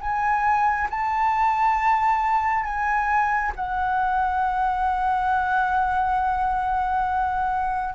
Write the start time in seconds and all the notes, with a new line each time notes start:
0.00 G#5
0.90 A5
2.64 G#5
3.55 F#5